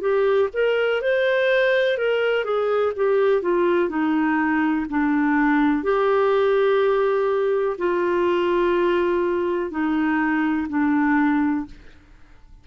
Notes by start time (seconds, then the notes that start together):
0.00 G4
0.53 A#4
1.01 C5
1.97 A#4
2.44 G#4
2.96 G4
3.42 F4
3.89 D#4
4.90 D4
5.83 G4
7.78 F4
9.70 D#4
10.68 D4